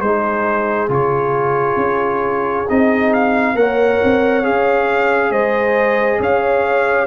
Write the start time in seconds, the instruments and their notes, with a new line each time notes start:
0.00 tuba G#3, trombone D#4, horn G#4, trumpet C5
0.88 tuba C#3, trombone F4, trumpet C#5
1.76 tuba C#4
2.69 tuba C4, trombone D#4, trumpet D#5
3.13 trumpet F5
3.54 tuba A#3, trombone A#4, horn C#5, trumpet F#5
4.03 tuba C4
4.43 tuba C#4, trombone G#4, trumpet F5
5.31 tuba G#3, horn C5, trumpet D#5
6.19 tuba C#4, horn C#5, trumpet F5